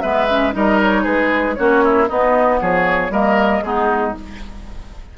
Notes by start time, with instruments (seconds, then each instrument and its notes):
0.00 bassoon G#3, clarinet B3, oboe B4, flute E5
0.29 clarinet C#4
0.52 bassoon G3, clarinet D#4, oboe A#4, flute D#5
0.81 flute C#5
1.02 bassoon G#3, oboe G#4, flute B4
1.54 bassoon A#3, clarinet C#4, oboe F#4, flute C#5
1.84 oboe E4
2.08 clarinet B3, bassoon B3, oboe D#4, flute D#5
2.61 bassoon F3, oboe G#4, flute C#5
3.09 bassoon G3, clarinet A#3, oboe A#4, flute D#5
3.62 bassoon G#3, clarinet B3, oboe D#4, flute G#4